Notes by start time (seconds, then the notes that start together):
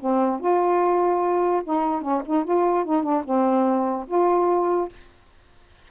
0.00 C4
0.40 F4
1.64 D#4
2.02 C#4
2.25 D#4
2.45 F4
2.85 D#4
3.03 D4
3.24 C4
4.07 F4